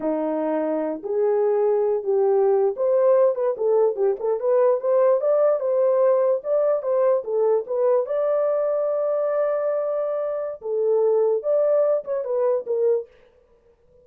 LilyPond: \new Staff \with { instrumentName = "horn" } { \time 4/4 \tempo 4 = 147 dis'2~ dis'8 gis'4.~ | gis'4 g'4.~ g'16 c''4~ c''16~ | c''16 b'8 a'4 g'8 a'8 b'4 c''16~ | c''8. d''4 c''2 d''16~ |
d''8. c''4 a'4 b'4 d''16~ | d''1~ | d''2 a'2 | d''4. cis''8 b'4 ais'4 | }